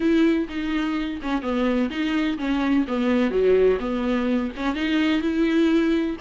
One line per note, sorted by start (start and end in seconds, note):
0.00 0.48 E4
0.48 1.20 D#4
1.22 1.42 C#4
1.42 1.89 B3
1.89 2.37 D#4
2.38 2.85 C#4
2.87 3.31 B3
3.31 3.78 F#3
3.79 4.51 B3
4.56 4.75 C#4
4.75 5.21 D#4
5.21 6.16 E4